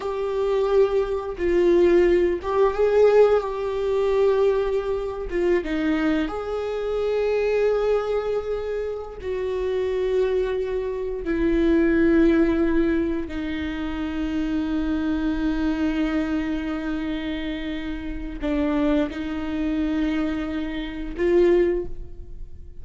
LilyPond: \new Staff \with { instrumentName = "viola" } { \time 4/4 \tempo 4 = 88 g'2 f'4. g'8 | gis'4 g'2~ g'8. f'16~ | f'16 dis'4 gis'2~ gis'8.~ | gis'4. fis'2~ fis'8~ |
fis'8 e'2. dis'8~ | dis'1~ | dis'2. d'4 | dis'2. f'4 | }